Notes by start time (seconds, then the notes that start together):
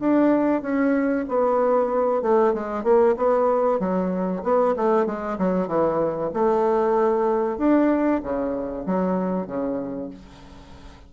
0.00 D4
0.63 C#4
1.29 B3
2.22 A3
2.54 G#3
2.84 A#3
3.18 B3
3.80 F#3
4.44 B3
4.77 A3
5.06 G#3
5.39 F#3
5.68 E3
6.34 A3
7.59 D4
8.23 C#3
8.87 F#3
9.47 C#3